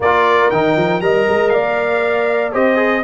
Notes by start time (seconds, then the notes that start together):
0.00 A#3 F4 A#4 D5
0.50 D#3 D#4 G5
0.76 F3
1.01 G3 A#4 D#5 A#5
1.28 G#3
1.49 A#3 D5 F5
2.52 C4 G4 C5 D#5
2.76 G#4